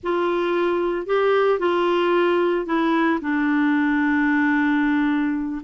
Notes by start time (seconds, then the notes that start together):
0.03 F4
1.06 G4
1.59 F4
2.66 E4
3.21 D4